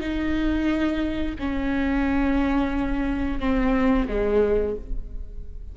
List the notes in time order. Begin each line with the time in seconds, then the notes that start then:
0.00 D#4
1.39 C#4
3.40 C4
4.08 G#3